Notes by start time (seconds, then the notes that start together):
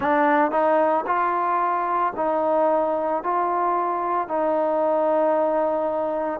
0.00 D4
0.51 D#4
1.06 F4
2.16 D#4
3.23 F4
4.28 D#4